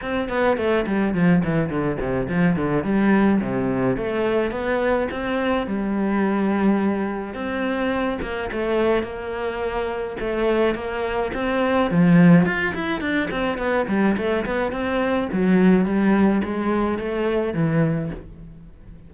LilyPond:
\new Staff \with { instrumentName = "cello" } { \time 4/4 \tempo 4 = 106 c'8 b8 a8 g8 f8 e8 d8 c8 | f8 d8 g4 c4 a4 | b4 c'4 g2~ | g4 c'4. ais8 a4 |
ais2 a4 ais4 | c'4 f4 f'8 e'8 d'8 c'8 | b8 g8 a8 b8 c'4 fis4 | g4 gis4 a4 e4 | }